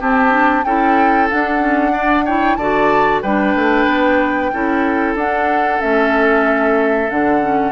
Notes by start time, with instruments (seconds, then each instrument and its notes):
0.00 clarinet C4, bassoon C4, oboe G4, flute A5
0.30 clarinet D4
0.64 bassoon C#4, clarinet E4, oboe A4, flute G5
1.30 clarinet D4, bassoon D4, flute F#5
1.59 clarinet C#4
1.92 clarinet D4, oboe D5
2.25 clarinet E4, oboe C#5, flute G5
2.56 bassoon D3, clarinet F#4, oboe D5, flute A5
3.22 bassoon G3, clarinet D4, oboe B4, flute G5
3.55 bassoon A3
3.86 bassoon B3
4.53 bassoon C#4, clarinet E4, oboe A4
5.15 bassoon D4, clarinet D4, flute F#5
5.80 bassoon A3, clarinet C#4, flute E5
7.09 bassoon D3, clarinet D4, flute F#5
7.41 clarinet C#4